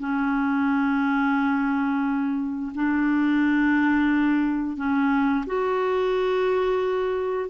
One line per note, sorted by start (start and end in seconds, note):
0.00 2.73 C#4
2.75 4.77 D4
4.77 5.45 C#4
5.46 7.50 F#4